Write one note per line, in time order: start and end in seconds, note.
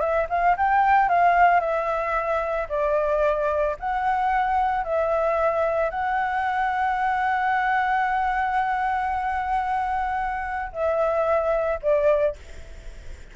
0.00 0.27 E5
0.29 0.56 F5
0.57 1.09 G5
1.09 1.60 F5
1.60 2.67 E5
2.69 3.76 D5
3.79 4.84 F#5
4.84 5.90 E5
5.90 10.72 F#5
10.72 11.79 E5
11.82 12.35 D5